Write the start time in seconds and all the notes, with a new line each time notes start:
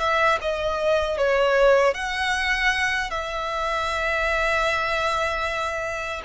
0.00 E5
0.42 D#5
1.18 C#5
1.94 F#5
3.11 E5